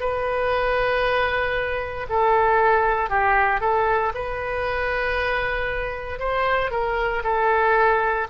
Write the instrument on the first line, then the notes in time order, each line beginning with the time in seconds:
oboe
0.00 B4
2.09 A4
3.09 G4
3.61 A4
4.15 B4
6.19 C5
6.71 A#4
7.24 A4